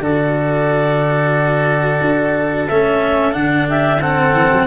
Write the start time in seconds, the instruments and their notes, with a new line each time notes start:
0.00 tuba D3, cello F#4, oboe A4, clarinet D5
2.01 tuba D4
2.68 tuba A3, cello C#4, clarinet E5
3.33 tuba D3, cello D4, clarinet F#5
3.69 oboe G4, clarinet E5
4.02 cello C4, oboe A4, clarinet F#5
4.33 tuba E3
4.53 tuba F#3